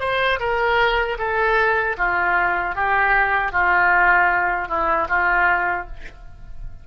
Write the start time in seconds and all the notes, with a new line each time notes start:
0.00 C5
0.40 A#4
1.18 A4
1.98 F4
2.75 G4
3.52 F4
4.69 E4
5.09 F4